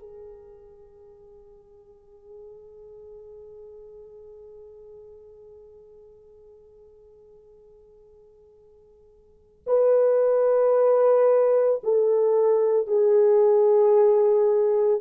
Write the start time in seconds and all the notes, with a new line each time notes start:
0.00 G#4
9.67 B4
11.84 A4
12.87 G#4